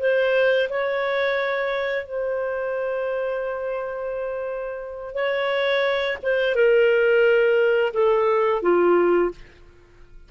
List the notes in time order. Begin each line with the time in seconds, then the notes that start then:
0.00 C5
0.70 C#5
2.06 C5
5.15 C#5
6.23 C5
6.55 A#4
7.94 A4
8.62 F4